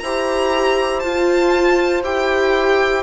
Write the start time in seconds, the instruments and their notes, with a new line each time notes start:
0.00 bassoon E4, viola G4, flute C5, violin A#5
1.00 bassoon F4, viola F4, violin A5
2.04 bassoon E4, viola G4, violin G5